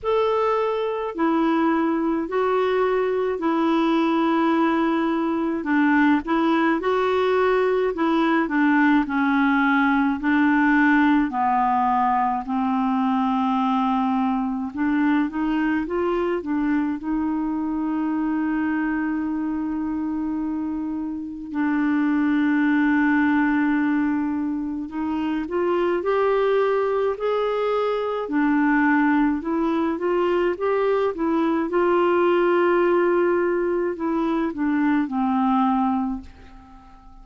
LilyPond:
\new Staff \with { instrumentName = "clarinet" } { \time 4/4 \tempo 4 = 53 a'4 e'4 fis'4 e'4~ | e'4 d'8 e'8 fis'4 e'8 d'8 | cis'4 d'4 b4 c'4~ | c'4 d'8 dis'8 f'8 d'8 dis'4~ |
dis'2. d'4~ | d'2 dis'8 f'8 g'4 | gis'4 d'4 e'8 f'8 g'8 e'8 | f'2 e'8 d'8 c'4 | }